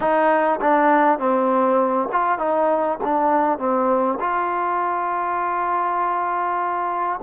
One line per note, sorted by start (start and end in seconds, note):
0.00 0.59 D#4
0.60 1.18 D4
1.18 2.08 C4
2.12 2.38 F4
2.38 2.98 D#4
3.03 3.58 D4
3.58 4.18 C4
4.20 7.20 F4